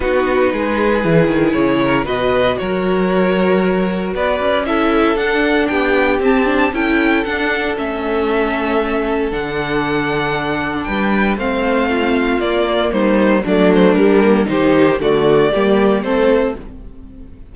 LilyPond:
<<
  \new Staff \with { instrumentName = "violin" } { \time 4/4 \tempo 4 = 116 b'2. cis''4 | dis''4 cis''2. | d''4 e''4 fis''4 g''4 | a''4 g''4 fis''4 e''4~ |
e''2 fis''2~ | fis''4 g''4 f''2 | d''4 c''4 d''8 c''8 ais'4 | c''4 d''2 c''4 | }
  \new Staff \with { instrumentName = "violin" } { \time 4/4 fis'4 gis'2~ gis'8 ais'8 | b'4 ais'2. | b'4 a'2 g'4~ | g'4 a'2.~ |
a'1~ | a'4 b'4 c''4 f'4~ | f'4 dis'4 d'2 | g'4 fis'4 g'4 a'4 | }
  \new Staff \with { instrumentName = "viola" } { \time 4/4 dis'2 e'2 | fis'1~ | fis'4 e'4 d'2 | c'8 d'8 e'4 d'4 cis'4~ |
cis'2 d'2~ | d'2 c'2 | ais2 a4 g8 ais8 | dis'4 a4 ais4 c'4 | }
  \new Staff \with { instrumentName = "cello" } { \time 4/4 b4 gis4 e8 dis8 cis4 | b,4 fis2. | b8 cis'4. d'4 b4 | c'4 cis'4 d'4 a4~ |
a2 d2~ | d4 g4 a2 | ais4 g4 fis4 g4 | dis4 d4 g4 a4 | }
>>